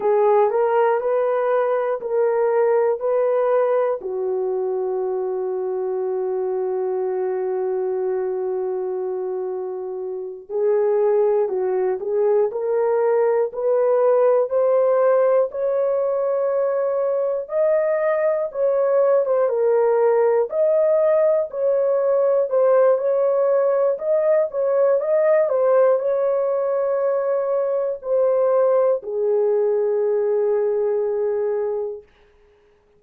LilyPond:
\new Staff \with { instrumentName = "horn" } { \time 4/4 \tempo 4 = 60 gis'8 ais'8 b'4 ais'4 b'4 | fis'1~ | fis'2~ fis'8 gis'4 fis'8 | gis'8 ais'4 b'4 c''4 cis''8~ |
cis''4. dis''4 cis''8. c''16 ais'8~ | ais'8 dis''4 cis''4 c''8 cis''4 | dis''8 cis''8 dis''8 c''8 cis''2 | c''4 gis'2. | }